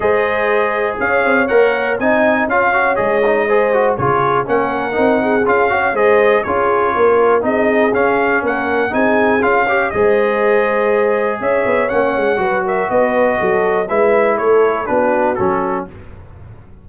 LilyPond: <<
  \new Staff \with { instrumentName = "trumpet" } { \time 4/4 \tempo 4 = 121 dis''2 f''4 fis''4 | gis''4 f''4 dis''2 | cis''4 fis''2 f''4 | dis''4 cis''2 dis''4 |
f''4 fis''4 gis''4 f''4 | dis''2. e''4 | fis''4. e''8 dis''2 | e''4 cis''4 b'4 a'4 | }
  \new Staff \with { instrumentName = "horn" } { \time 4/4 c''2 cis''2 | dis''4 cis''2 c''4 | gis'4 ais'4. gis'4 cis''8 | c''4 gis'4 ais'4 gis'4~ |
gis'4 ais'4 gis'4. cis''8 | c''2. cis''4~ | cis''4 b'8 ais'8 b'4 a'4 | b'4 a'4 fis'2 | }
  \new Staff \with { instrumentName = "trombone" } { \time 4/4 gis'2. ais'4 | dis'4 f'8 fis'8 gis'8 dis'8 gis'8 fis'8 | f'4 cis'4 dis'4 f'8 fis'8 | gis'4 f'2 dis'4 |
cis'2 dis'4 f'8 g'8 | gis'1 | cis'4 fis'2. | e'2 d'4 cis'4 | }
  \new Staff \with { instrumentName = "tuba" } { \time 4/4 gis2 cis'8 c'8 ais4 | c'4 cis'4 gis2 | cis4 ais4 c'4 cis'4 | gis4 cis'4 ais4 c'4 |
cis'4 ais4 c'4 cis'4 | gis2. cis'8 b8 | ais8 gis8 fis4 b4 fis4 | gis4 a4 b4 fis4 | }
>>